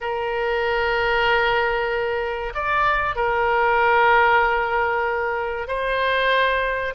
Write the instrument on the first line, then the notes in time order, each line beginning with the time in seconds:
oboe
0.00 A#4
2.54 D5
3.15 A#4
5.67 C5